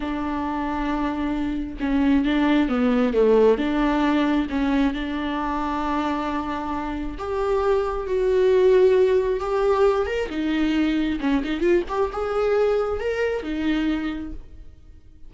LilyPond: \new Staff \with { instrumentName = "viola" } { \time 4/4 \tempo 4 = 134 d'1 | cis'4 d'4 b4 a4 | d'2 cis'4 d'4~ | d'1 |
g'2 fis'2~ | fis'4 g'4. ais'8 dis'4~ | dis'4 cis'8 dis'8 f'8 g'8 gis'4~ | gis'4 ais'4 dis'2 | }